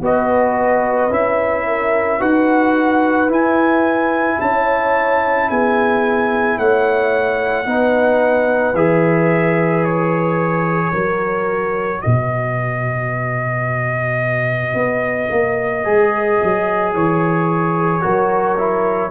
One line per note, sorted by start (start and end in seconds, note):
0.00 1.09 B3
0.00 1.11 F#4
0.00 1.67 B4
0.00 1.13 D#5
1.10 2.19 C#4
1.10 2.20 E4
1.10 2.22 E5
1.67 2.18 A#4
2.18 3.28 D#4
2.18 3.29 F#4
2.18 4.37 B4
2.18 3.31 F#5
3.28 4.37 E4
3.28 7.65 E4
3.28 4.40 G#5
4.40 5.50 C#4
4.40 5.50 C#5
4.40 5.50 A5
5.50 6.58 B3
5.50 6.59 G#4
5.50 6.58 G#5
6.58 7.66 A3
6.58 7.67 C#5
6.58 8.75 F#5
7.65 8.74 B3
7.65 8.74 D#4
7.65 10.92 B4
8.74 10.92 E3
8.74 10.94 G#4
8.74 9.85 E5
9.85 12.01 C#5
10.92 12.02 F#3
10.92 15.84 F#4
10.92 12.01 A#4
12.01 14.74 B2
12.01 18.01 B4
12.01 16.92 D#5
14.74 15.28 B3
15.30 15.85 A#3
15.84 16.40 G#3
15.84 18.01 G#4
16.43 16.94 F#3
16.94 18.03 E3
16.94 19.11 C#5
18.01 19.11 F#3
18.01 18.56 F#4
18.01 19.10 A#4
18.58 19.11 E4